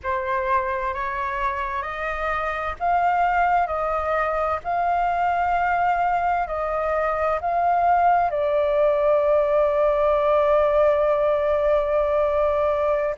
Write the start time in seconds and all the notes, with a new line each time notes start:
0.03 C5
0.94 C#5
1.82 D#5
2.79 F5
3.67 D#5
4.64 F5
6.47 D#5
7.41 F5
8.30 D5